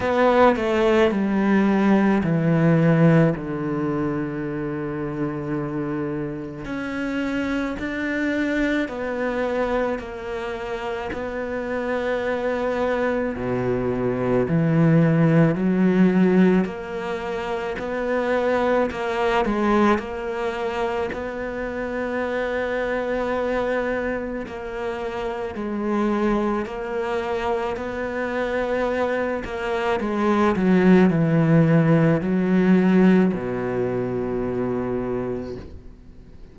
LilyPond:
\new Staff \with { instrumentName = "cello" } { \time 4/4 \tempo 4 = 54 b8 a8 g4 e4 d4~ | d2 cis'4 d'4 | b4 ais4 b2 | b,4 e4 fis4 ais4 |
b4 ais8 gis8 ais4 b4~ | b2 ais4 gis4 | ais4 b4. ais8 gis8 fis8 | e4 fis4 b,2 | }